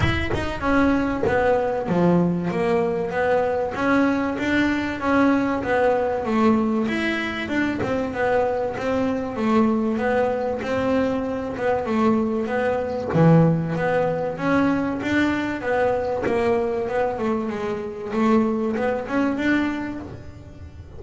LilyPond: \new Staff \with { instrumentName = "double bass" } { \time 4/4 \tempo 4 = 96 e'8 dis'8 cis'4 b4 f4 | ais4 b4 cis'4 d'4 | cis'4 b4 a4 e'4 | d'8 c'8 b4 c'4 a4 |
b4 c'4. b8 a4 | b4 e4 b4 cis'4 | d'4 b4 ais4 b8 a8 | gis4 a4 b8 cis'8 d'4 | }